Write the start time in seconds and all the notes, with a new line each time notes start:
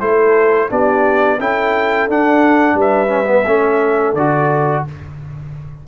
0.00 A3 E4 A4 C5
0.69 B3 D4 G4 D5
1.39 C#4 E4 A4 G5
2.08 D4 F#5
2.74 G3 B4
2.80 E5
3.07 C#4
3.26 B3
3.45 A3 C#4 A4
4.13 D3 F#4 D5